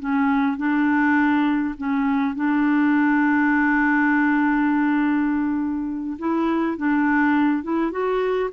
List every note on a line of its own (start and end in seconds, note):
0.00 0.58 C#4
0.58 1.75 D4
1.78 2.36 C#4
2.36 6.18 D4
6.19 6.78 E4
6.78 7.64 D4
7.64 7.92 E4
7.92 8.51 F#4